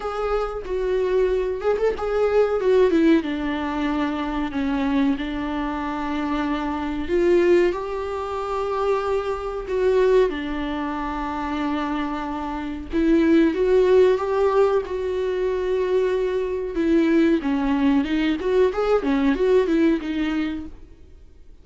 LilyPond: \new Staff \with { instrumentName = "viola" } { \time 4/4 \tempo 4 = 93 gis'4 fis'4. gis'16 a'16 gis'4 | fis'8 e'8 d'2 cis'4 | d'2. f'4 | g'2. fis'4 |
d'1 | e'4 fis'4 g'4 fis'4~ | fis'2 e'4 cis'4 | dis'8 fis'8 gis'8 cis'8 fis'8 e'8 dis'4 | }